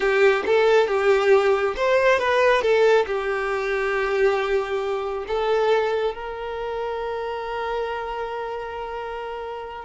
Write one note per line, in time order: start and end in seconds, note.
0.00 0.44 G4
0.46 0.87 A4
0.87 1.74 G4
1.76 2.19 C5
2.19 2.62 B4
2.62 3.05 A4
3.06 5.25 G4
5.27 6.14 A4
6.14 9.85 A#4